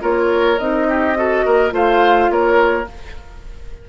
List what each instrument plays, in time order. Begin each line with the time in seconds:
0.00 bassoon A#3, clarinet F4, oboe A#4, flute C#5
0.58 bassoon C4, clarinet D#4, flute D#5
0.88 oboe G4
1.15 clarinet F#4, oboe A4
1.45 bassoon A#3, oboe A#4
1.70 bassoon A3, clarinet F4, oboe C5, flute F5
2.30 bassoon A#3, oboe A#4, flute C#5